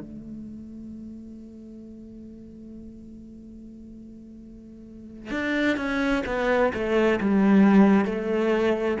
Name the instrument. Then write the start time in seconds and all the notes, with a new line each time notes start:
cello
0.00 A3
5.30 D4
5.77 C#4
6.26 B3
6.73 A3
7.20 G3
8.05 A3